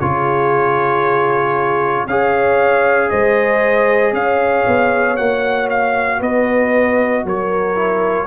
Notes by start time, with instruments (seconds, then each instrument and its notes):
0.00 tuba C#3, trombone F4, horn G#4, trumpet C#5
2.07 tuba C#4, trombone G#4, horn C#5, trumpet F5
3.10 tuba G#3, horn C5, trumpet D#5
4.13 tuba C#4, horn C#5, trumpet F5
4.67 tuba B3
5.17 tuba A#3, trombone F#4, trumpet F#5
5.70 trumpet F5
6.19 tuba B3, horn B4, trumpet D#5
7.25 tuba F#3, horn A#4, trumpet C#5
7.76 trombone E4